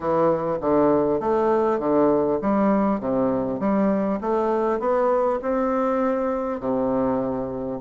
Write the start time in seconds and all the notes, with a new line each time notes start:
0.00 E3
0.60 D3
1.20 A3
1.79 D3
2.41 G3
3.00 C3
3.59 G3
4.21 A3
4.79 B3
5.42 C4
6.60 C3